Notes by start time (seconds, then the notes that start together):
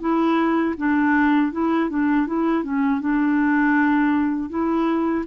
0.00 E4
0.77 D4
1.52 E4
1.90 D4
2.27 E4
2.64 C#4
3.00 D4
4.50 E4